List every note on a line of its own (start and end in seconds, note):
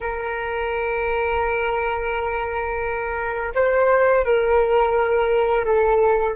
0.00 3.53 A#4
3.54 4.24 C5
4.24 5.64 A#4
5.64 6.35 A4